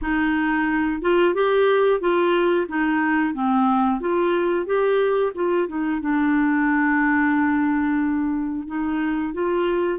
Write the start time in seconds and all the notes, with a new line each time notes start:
0.01 D#4
1.01 F4
1.34 G4
2.00 F4
2.68 D#4
3.34 C4
4.00 F4
4.65 G4
5.35 F4
5.68 D#4
6.01 D4
8.67 D#4
9.33 F4